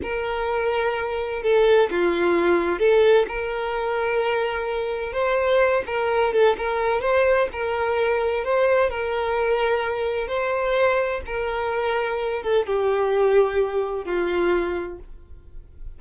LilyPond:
\new Staff \with { instrumentName = "violin" } { \time 4/4 \tempo 4 = 128 ais'2. a'4 | f'2 a'4 ais'4~ | ais'2. c''4~ | c''8 ais'4 a'8 ais'4 c''4 |
ais'2 c''4 ais'4~ | ais'2 c''2 | ais'2~ ais'8 a'8 g'4~ | g'2 f'2 | }